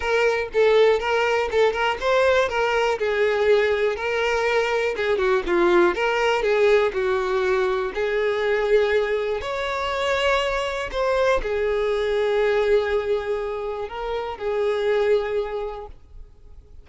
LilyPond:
\new Staff \with { instrumentName = "violin" } { \time 4/4 \tempo 4 = 121 ais'4 a'4 ais'4 a'8 ais'8 | c''4 ais'4 gis'2 | ais'2 gis'8 fis'8 f'4 | ais'4 gis'4 fis'2 |
gis'2. cis''4~ | cis''2 c''4 gis'4~ | gis'1 | ais'4 gis'2. | }